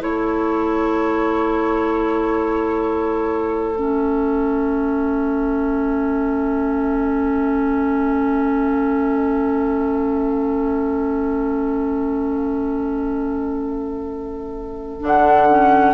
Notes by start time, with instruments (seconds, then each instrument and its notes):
0.00 bassoon A3, clarinet E4, oboe A4, flute C#5
3.76 clarinet C#4, flute E5
15.00 bassoon D3, clarinet D4, flute F#5
15.50 clarinet C#4